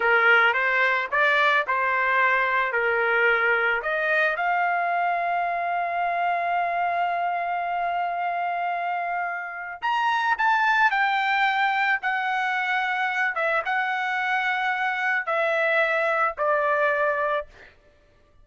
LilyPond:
\new Staff \with { instrumentName = "trumpet" } { \time 4/4 \tempo 4 = 110 ais'4 c''4 d''4 c''4~ | c''4 ais'2 dis''4 | f''1~ | f''1~ |
f''2 ais''4 a''4 | g''2 fis''2~ | fis''8 e''8 fis''2. | e''2 d''2 | }